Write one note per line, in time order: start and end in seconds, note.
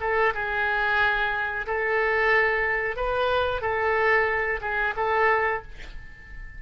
0.00 0.33 A4
0.34 1.66 G#4
1.67 2.96 A4
2.96 3.61 B4
3.61 4.60 A4
4.61 4.94 G#4
4.96 5.62 A4